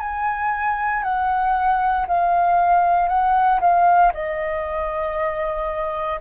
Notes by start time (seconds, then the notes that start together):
0.00 G#5
1.03 F#5
2.08 F5
3.08 F#5
3.61 F5
4.14 D#5